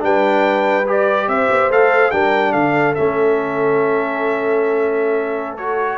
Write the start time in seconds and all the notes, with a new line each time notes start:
0.00 G3 D4 B4 G5
0.87 G4 D5
1.28 C4 C5 E5
1.51 B3
1.70 A3 A4 F5
2.11 G3 D4 A#4 G5
2.52 D3 A4 F5
2.95 A3 C#4 E5
5.57 F#4 C#5